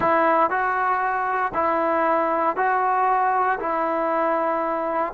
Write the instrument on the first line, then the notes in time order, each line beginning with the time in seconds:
trombone
0.00 E4
0.49 F#4
1.54 E4
2.56 F#4
3.59 E4